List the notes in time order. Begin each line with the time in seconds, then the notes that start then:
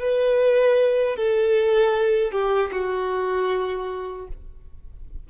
0.00 B4
1.17 A4
2.32 G4
2.72 F#4